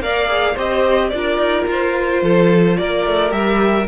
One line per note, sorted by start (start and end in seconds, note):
0.00 0.55 A#3
0.00 0.27 A#4
0.00 0.54 D5
0.00 0.57 F5
0.27 0.55 G#4
0.54 1.12 C4
0.54 1.12 G4
0.54 1.09 C5
0.54 1.09 D#5
1.09 1.37 D4
1.09 3.28 F4
1.09 1.64 D5
1.16 2.22 A#4
1.37 1.65 D#4
1.67 2.22 F4
1.67 2.77 C5
2.22 2.77 F3
2.22 2.77 A4
2.77 3.06 A#3
2.77 3.88 A#4
2.77 3.32 D5
3.06 3.31 A3
3.28 3.86 G3
3.28 3.83 G4
3.28 3.87 E5